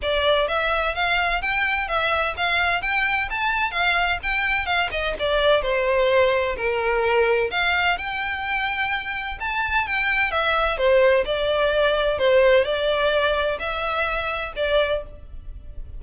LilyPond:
\new Staff \with { instrumentName = "violin" } { \time 4/4 \tempo 4 = 128 d''4 e''4 f''4 g''4 | e''4 f''4 g''4 a''4 | f''4 g''4 f''8 dis''8 d''4 | c''2 ais'2 |
f''4 g''2. | a''4 g''4 e''4 c''4 | d''2 c''4 d''4~ | d''4 e''2 d''4 | }